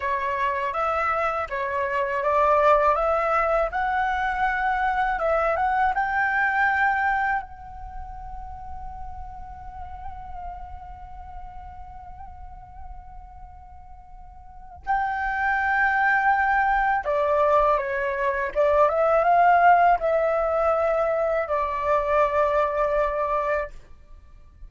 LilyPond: \new Staff \with { instrumentName = "flute" } { \time 4/4 \tempo 4 = 81 cis''4 e''4 cis''4 d''4 | e''4 fis''2 e''8 fis''8 | g''2 fis''2~ | fis''1~ |
fis''1 | g''2. d''4 | cis''4 d''8 e''8 f''4 e''4~ | e''4 d''2. | }